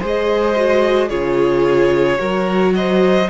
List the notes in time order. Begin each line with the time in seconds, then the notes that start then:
0.00 G#3 G#4 C5 D#5
0.56 F#4
1.09 C#3 F4 G#4 C#5
2.17 F#3 F#4 A#4
2.75 C5 D#5